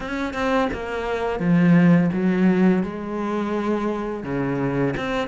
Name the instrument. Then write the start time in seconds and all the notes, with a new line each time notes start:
cello
0.00 C#4
0.33 C4
0.73 A#3
1.39 F3
2.12 F#3
2.83 G#3
4.23 C#3
4.96 C4